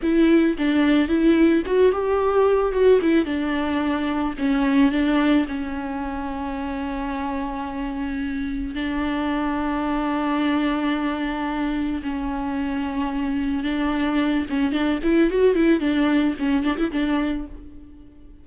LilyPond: \new Staff \with { instrumentName = "viola" } { \time 4/4 \tempo 4 = 110 e'4 d'4 e'4 fis'8 g'8~ | g'4 fis'8 e'8 d'2 | cis'4 d'4 cis'2~ | cis'1 |
d'1~ | d'2 cis'2~ | cis'4 d'4. cis'8 d'8 e'8 | fis'8 e'8 d'4 cis'8 d'16 e'16 d'4 | }